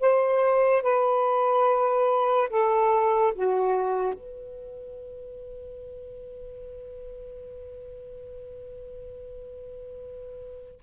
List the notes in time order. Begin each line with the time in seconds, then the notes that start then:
0.00 C5
0.83 B4
2.50 A4
3.35 F#4
4.14 B4